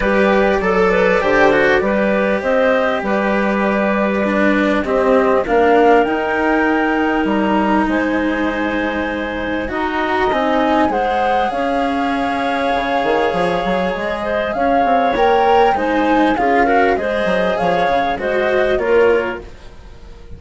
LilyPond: <<
  \new Staff \with { instrumentName = "flute" } { \time 4/4 \tempo 4 = 99 d''1 | dis''4 d''2. | dis''4 f''4 g''2 | ais''4 gis''2. |
ais''4 gis''4 fis''4 f''4~ | f''2. dis''4 | f''4 g''4 gis''4 f''4 | dis''4 f''4 dis''4 cis''4 | }
  \new Staff \with { instrumentName = "clarinet" } { \time 4/4 b'4 a'8 b'8 c''4 b'4 | c''4 b'2. | g'4 ais'2.~ | ais'4 c''2. |
dis''2 c''4 cis''4~ | cis''2.~ cis''8 c''8 | cis''2 c''4 gis'8 ais'8 | c''4 cis''4 c''4 ais'4 | }
  \new Staff \with { instrumentName = "cello" } { \time 4/4 g'4 a'4 g'8 fis'8 g'4~ | g'2. d'4 | c'4 d'4 dis'2~ | dis'1 |
fis'4 dis'4 gis'2~ | gis'1~ | gis'4 ais'4 dis'4 f'8 fis'8 | gis'2 fis'4 f'4 | }
  \new Staff \with { instrumentName = "bassoon" } { \time 4/4 g4 fis4 d4 g4 | c'4 g2. | c'4 ais4 dis'2 | g4 gis2. |
dis'4 c'4 gis4 cis'4~ | cis'4 cis8 dis8 f8 fis8 gis4 | cis'8 c'8 ais4 gis4 cis'4 | gis8 fis8 f8 cis8 gis4 ais4 | }
>>